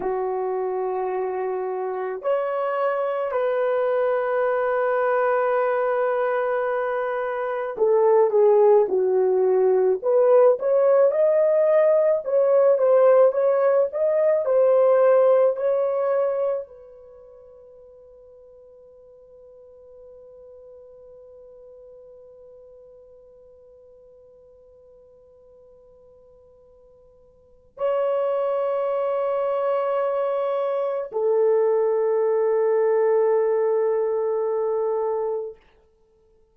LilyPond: \new Staff \with { instrumentName = "horn" } { \time 4/4 \tempo 4 = 54 fis'2 cis''4 b'4~ | b'2. a'8 gis'8 | fis'4 b'8 cis''8 dis''4 cis''8 c''8 | cis''8 dis''8 c''4 cis''4 b'4~ |
b'1~ | b'1~ | b'4 cis''2. | a'1 | }